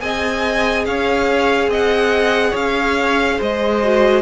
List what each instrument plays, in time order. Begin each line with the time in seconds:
0.00 cello C4, viola G#4, violin D#5 G#5
0.85 cello C#4, violin C#5 F5
1.67 cello C4, violin D#5 F#5
2.50 cello C#4, violin C#5 F5
3.37 cello G#3, violin C5 D#5
3.83 viola F#4